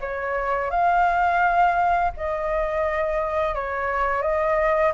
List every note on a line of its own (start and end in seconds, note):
0.00 0.70 C#5
0.70 2.11 F5
2.17 3.54 D#5
3.54 4.22 C#5
4.22 4.92 D#5